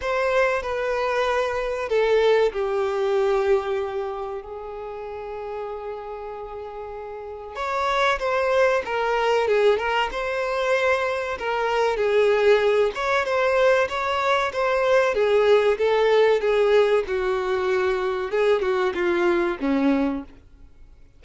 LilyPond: \new Staff \with { instrumentName = "violin" } { \time 4/4 \tempo 4 = 95 c''4 b'2 a'4 | g'2. gis'4~ | gis'1 | cis''4 c''4 ais'4 gis'8 ais'8 |
c''2 ais'4 gis'4~ | gis'8 cis''8 c''4 cis''4 c''4 | gis'4 a'4 gis'4 fis'4~ | fis'4 gis'8 fis'8 f'4 cis'4 | }